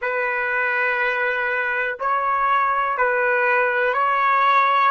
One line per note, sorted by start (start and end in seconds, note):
0.01 1.98 B4
1.99 2.97 C#5
2.97 3.93 B4
3.93 4.91 C#5